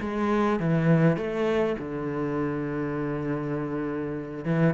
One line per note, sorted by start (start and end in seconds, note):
0.00 0.59 G#3
0.59 1.16 E3
1.16 1.76 A3
1.78 4.44 D3
4.44 4.74 E3